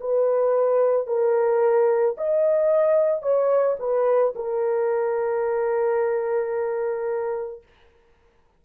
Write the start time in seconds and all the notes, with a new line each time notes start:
0.00 B4
1.07 A#4
2.17 D#5
3.22 C#5
3.79 B4
4.35 A#4